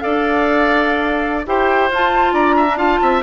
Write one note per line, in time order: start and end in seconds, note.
0.00 1.46 D4
0.00 1.43 A4
0.00 1.46 D5
0.00 1.44 F5
1.46 1.90 E4
1.46 1.90 G4
1.46 2.33 C5
1.46 1.91 G5
1.90 2.32 F4
1.90 2.68 F4
1.90 2.34 A5
2.32 2.99 D4
2.32 2.55 D5
2.32 2.78 A#5
2.56 2.77 E5
2.68 2.78 D4
2.77 3.22 F4
2.77 2.99 F5
2.77 3.22 A5
3.01 3.23 C4
3.01 3.23 E5